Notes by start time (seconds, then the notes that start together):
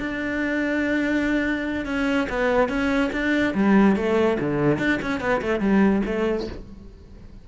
0.00 D4
1.86 C#4
2.30 B3
2.69 C#4
3.13 D4
3.55 G3
3.96 A3
4.41 D3
4.79 D4
5.03 C#4
5.21 B3
5.42 A3
5.61 G3
6.06 A3